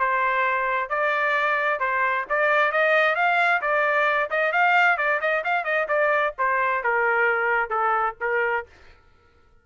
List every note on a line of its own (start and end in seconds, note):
0.00 0.90 C5
0.90 1.80 D5
1.80 2.26 C5
2.30 2.72 D5
2.72 3.16 D#5
3.16 3.61 F5
3.62 4.30 D5
4.31 4.53 D#5
4.53 4.98 F5
4.98 5.21 D5
5.21 5.44 D#5
5.45 5.65 F5
5.65 5.87 D#5
5.89 6.34 D5
6.38 6.84 C5
6.84 7.70 A#4
7.70 8.16 A4
8.21 8.67 A#4